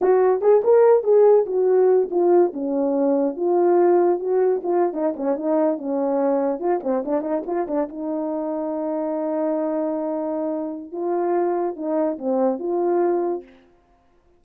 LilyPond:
\new Staff \with { instrumentName = "horn" } { \time 4/4 \tempo 4 = 143 fis'4 gis'8 ais'4 gis'4 fis'8~ | fis'4 f'4 cis'2 | f'2 fis'4 f'8. dis'16~ | dis'16 cis'8 dis'4 cis'2 f'16~ |
f'16 c'8 d'8 dis'8 f'8 d'8 dis'4~ dis'16~ | dis'1~ | dis'2 f'2 | dis'4 c'4 f'2 | }